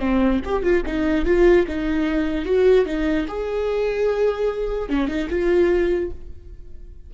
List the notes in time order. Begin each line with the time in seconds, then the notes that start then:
0.00 C4
0.45 G4
0.63 F4
0.86 D#4
1.25 F4
1.68 D#4
2.45 F#4
2.86 D#4
3.28 G#4
4.89 C#4
5.08 D#4
5.30 F4